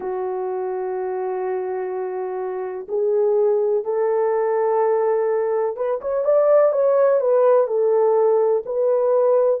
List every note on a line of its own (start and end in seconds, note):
0.00 2.86 F#4
2.88 3.84 G#4
3.84 5.76 A4
5.76 6.00 B4
6.01 6.24 C#5
6.24 6.72 D5
6.72 7.20 C#5
7.20 7.67 B4
7.67 8.63 A4
8.65 9.60 B4